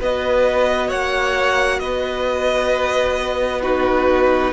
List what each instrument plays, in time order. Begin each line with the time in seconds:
0.00 cello B3, viola F#4, violin B4 D#5
0.87 cello A#3, violin C#5 F#5
1.79 cello B3, violin B4 D#5
3.62 viola D#4, violin F#4 B4